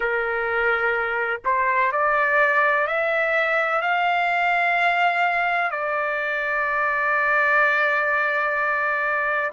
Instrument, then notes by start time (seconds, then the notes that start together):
trumpet
0.00 A#4
1.44 C5
1.92 D5
2.87 E5
3.81 F5
5.70 D5